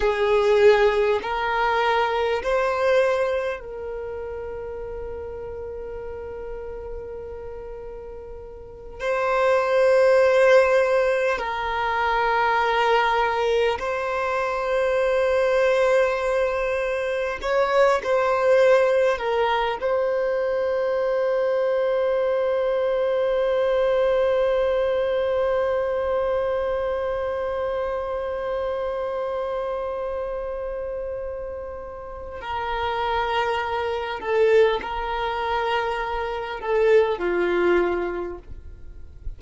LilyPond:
\new Staff \with { instrumentName = "violin" } { \time 4/4 \tempo 4 = 50 gis'4 ais'4 c''4 ais'4~ | ais'2.~ ais'8 c''8~ | c''4. ais'2 c''8~ | c''2~ c''8 cis''8 c''4 |
ais'8 c''2.~ c''8~ | c''1~ | c''2. ais'4~ | ais'8 a'8 ais'4. a'8 f'4 | }